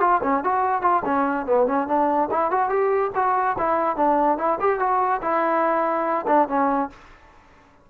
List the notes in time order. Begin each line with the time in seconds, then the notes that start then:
0.00 F4
0.23 C#4
0.44 F#4
0.82 F4
1.05 C#4
1.46 B3
1.66 C#4
1.87 D4
2.31 E4
2.51 F#4
2.69 G4
3.15 F#4
3.58 E4
3.96 D4
4.38 E4
4.60 G4
4.79 F#4
5.22 E4
6.27 D4
6.48 C#4